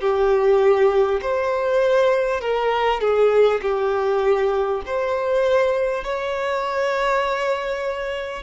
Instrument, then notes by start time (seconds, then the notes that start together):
violin
0.00 G4
1.21 C5
2.41 A#4
3.01 G#4
3.62 G4
4.85 C5
6.04 C#5